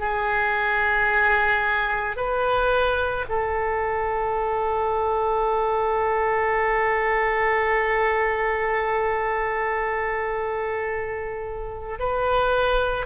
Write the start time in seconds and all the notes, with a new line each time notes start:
0.00 G#4
2.17 B4
3.29 A4
12.00 B4